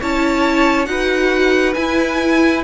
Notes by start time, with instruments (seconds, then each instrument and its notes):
0.00 cello C#4, viola E4, violin C#5 A5
0.85 cello D#4, viola F#4, violin B4 F#5
1.74 cello E4, viola E4, violin G#5